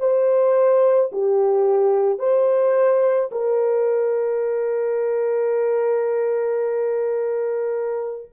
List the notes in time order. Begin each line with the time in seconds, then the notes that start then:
0.00 C5
1.12 G4
2.19 C5
3.32 A#4